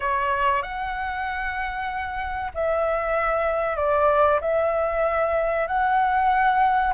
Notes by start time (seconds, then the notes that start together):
0.00 C#5
0.62 F#5
2.54 E5
3.76 D5
4.40 E5
5.67 F#5